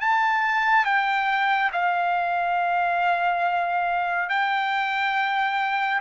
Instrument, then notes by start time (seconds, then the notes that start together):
trumpet
0.00 A5
0.85 G5
1.72 F5
4.29 G5